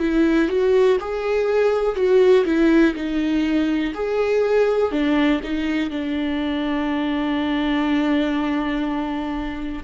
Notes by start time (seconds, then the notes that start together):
0.00 E4
0.49 F#4
1.01 G#4
1.96 F#4
2.45 E4
2.96 D#4
3.95 G#4
4.92 D4
5.44 D#4
5.90 D4